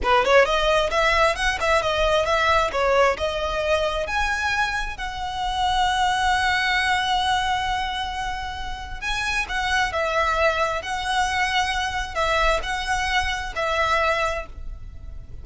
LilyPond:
\new Staff \with { instrumentName = "violin" } { \time 4/4 \tempo 4 = 133 b'8 cis''8 dis''4 e''4 fis''8 e''8 | dis''4 e''4 cis''4 dis''4~ | dis''4 gis''2 fis''4~ | fis''1~ |
fis''1 | gis''4 fis''4 e''2 | fis''2. e''4 | fis''2 e''2 | }